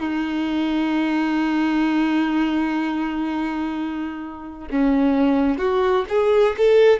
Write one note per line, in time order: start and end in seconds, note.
0.00 4.69 D#4
4.71 5.58 C#4
5.58 6.05 F#4
6.09 6.56 G#4
6.58 7.00 A4